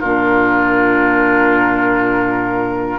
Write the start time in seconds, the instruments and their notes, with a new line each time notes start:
0.00 bassoon A#2, clarinet D4, oboe F4, flute A#4